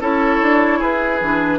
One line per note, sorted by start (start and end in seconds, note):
0.00 0.40 C#4
0.00 1.20 E4
0.00 0.78 A4
0.00 0.82 C#5
0.41 0.81 D4
0.78 1.20 E4
0.78 1.58 G#4
0.78 1.59 B4
1.20 1.59 E3
1.20 1.59 D4